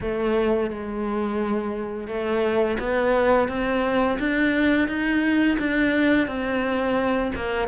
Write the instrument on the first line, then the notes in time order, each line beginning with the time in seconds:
cello
0.00 A3
0.70 G#3
2.07 A3
2.79 B3
3.48 C4
4.19 D4
4.87 D#4
5.58 D4
6.27 C4
7.35 A#3